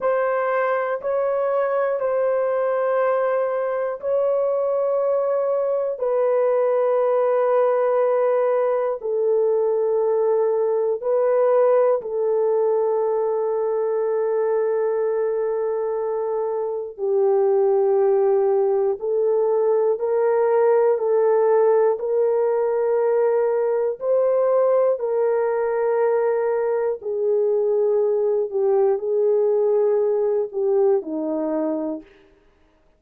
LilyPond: \new Staff \with { instrumentName = "horn" } { \time 4/4 \tempo 4 = 60 c''4 cis''4 c''2 | cis''2 b'2~ | b'4 a'2 b'4 | a'1~ |
a'4 g'2 a'4 | ais'4 a'4 ais'2 | c''4 ais'2 gis'4~ | gis'8 g'8 gis'4. g'8 dis'4 | }